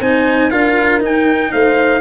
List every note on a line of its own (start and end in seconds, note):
0.00 0.51 C4
0.00 0.51 D#4
0.00 0.50 C5
0.00 0.51 G#5
0.51 1.01 D4
0.51 1.00 F4
0.51 1.51 A#4
0.51 1.01 F5
1.00 2.01 D#4
1.00 1.51 D#4
1.00 1.52 G5
1.52 2.01 A3
1.52 2.01 C5
1.52 2.01 F5